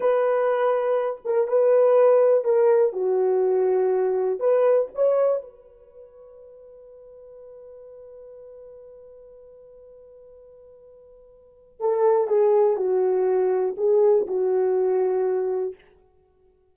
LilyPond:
\new Staff \with { instrumentName = "horn" } { \time 4/4 \tempo 4 = 122 b'2~ b'8 ais'8 b'4~ | b'4 ais'4 fis'2~ | fis'4 b'4 cis''4 b'4~ | b'1~ |
b'1~ | b'1 | a'4 gis'4 fis'2 | gis'4 fis'2. | }